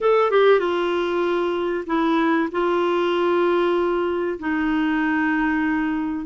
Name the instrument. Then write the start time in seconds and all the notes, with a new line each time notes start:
clarinet
0.01 A4
0.30 G4
0.59 F4
1.86 E4
2.51 F4
4.39 D#4